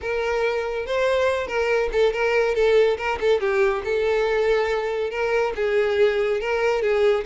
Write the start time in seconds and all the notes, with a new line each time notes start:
0.01 A#4
0.86 C5
1.47 A#4
1.91 A4
2.12 A#4
2.54 A4
2.97 A#4
3.20 A4
3.40 G4
3.84 A4
5.10 A#4
5.55 G#4
6.40 A#4
6.82 G#4